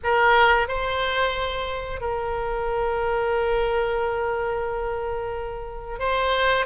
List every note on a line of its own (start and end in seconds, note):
0.03 0.68 A#4
0.68 2.01 C5
2.01 5.99 A#4
5.99 6.65 C5